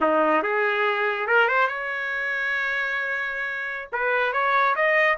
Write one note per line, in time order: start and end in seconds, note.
0.00 0.42 D#4
0.42 1.27 G#4
1.27 1.48 A#4
1.48 1.67 C5
1.67 3.89 C#5
3.92 4.33 B4
4.33 4.75 C#5
4.75 5.17 D#5